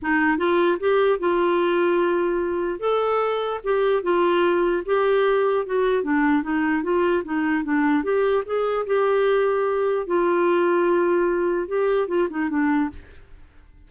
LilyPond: \new Staff \with { instrumentName = "clarinet" } { \time 4/4 \tempo 4 = 149 dis'4 f'4 g'4 f'4~ | f'2. a'4~ | a'4 g'4 f'2 | g'2 fis'4 d'4 |
dis'4 f'4 dis'4 d'4 | g'4 gis'4 g'2~ | g'4 f'2.~ | f'4 g'4 f'8 dis'8 d'4 | }